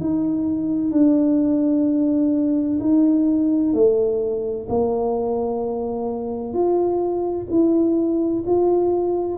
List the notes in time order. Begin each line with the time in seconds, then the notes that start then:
0.00 D#4
0.91 D4
2.80 D#4
3.73 A3
4.69 A#3
6.53 F4
7.50 E4
8.45 F4